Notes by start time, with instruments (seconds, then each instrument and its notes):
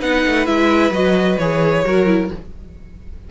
0.00 cello B3, viola D#4, violin B4 F#5
0.27 cello A3
0.46 cello G#3, viola E4, violin E5
0.91 cello F#3, viola F#4, violin D#5
1.38 cello E3, viola G#4, violin C#5
1.85 cello F#3, viola F#4, violin A#4
2.06 viola E4